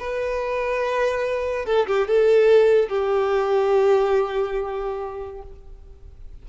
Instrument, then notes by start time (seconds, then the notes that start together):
violin
0.00 B4
1.66 A4
1.87 G4
2.08 A4
2.89 G4